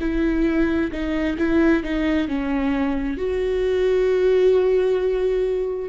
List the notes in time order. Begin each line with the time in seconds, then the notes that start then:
0.00 E4
0.91 D#4
1.38 E4
1.83 D#4
2.28 C#4
3.17 F#4